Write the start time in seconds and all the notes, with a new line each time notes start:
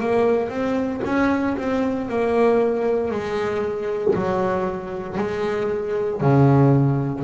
0.00 A#3
0.49 C4
1.05 C#4
1.57 C4
2.09 A#3
3.11 G#3
4.15 F#3
5.18 G#3
6.21 C#3